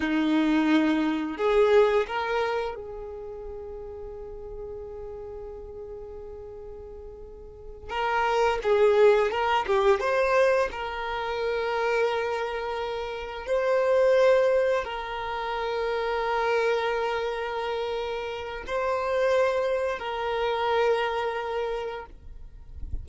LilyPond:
\new Staff \with { instrumentName = "violin" } { \time 4/4 \tempo 4 = 87 dis'2 gis'4 ais'4 | gis'1~ | gis'2.~ gis'8 ais'8~ | ais'8 gis'4 ais'8 g'8 c''4 ais'8~ |
ais'2.~ ais'8 c''8~ | c''4. ais'2~ ais'8~ | ais'2. c''4~ | c''4 ais'2. | }